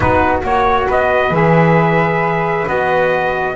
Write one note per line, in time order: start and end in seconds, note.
0.00 0.42 B3
0.00 0.43 D#4
0.00 0.87 F#4
0.00 0.40 B4
0.43 0.87 A#3
0.43 1.32 F#4
0.43 0.89 C#5
0.87 1.30 B3
0.87 3.54 B4
0.87 1.34 D#5
1.30 2.64 E3
1.30 2.65 G#4
1.30 2.67 E5
2.65 3.55 B3
2.65 3.54 F#4
2.65 3.55 D#5